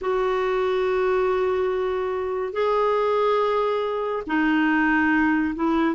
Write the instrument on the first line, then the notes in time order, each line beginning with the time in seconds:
clarinet
0.01 F#4
2.52 G#4
4.26 D#4
5.55 E4